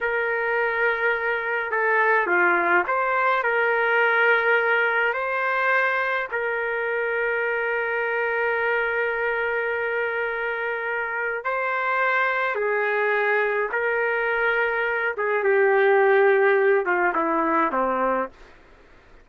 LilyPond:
\new Staff \with { instrumentName = "trumpet" } { \time 4/4 \tempo 4 = 105 ais'2. a'4 | f'4 c''4 ais'2~ | ais'4 c''2 ais'4~ | ais'1~ |
ais'1 | c''2 gis'2 | ais'2~ ais'8 gis'8 g'4~ | g'4. f'8 e'4 c'4 | }